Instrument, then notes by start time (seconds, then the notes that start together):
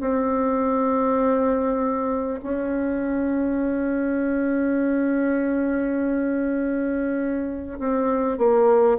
bassoon
0.00 C4
2.43 C#4
7.79 C4
8.38 A#3